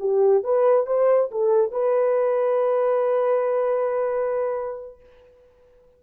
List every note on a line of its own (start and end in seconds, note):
0.00 0.44 G4
0.44 0.87 B4
0.87 1.31 C5
1.31 1.72 A4
1.72 5.00 B4